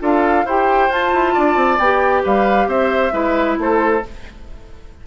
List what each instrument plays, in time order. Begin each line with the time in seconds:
0.00 bassoon D4, clarinet F4, oboe A4, flute F5
0.45 bassoon E4, clarinet G4, oboe C5, flute G5
0.89 bassoon F4, clarinet F4, flute A5
1.14 bassoon E4
1.34 bassoon D4, oboe D5
1.56 bassoon C4
1.78 bassoon B3, clarinet G4, flute G5
2.23 bassoon G3, oboe B4, flute F5
2.67 bassoon C4, oboe C5, flute E5
3.12 bassoon G#3, clarinet E4, oboe B4
3.58 bassoon A3, oboe A4, flute C5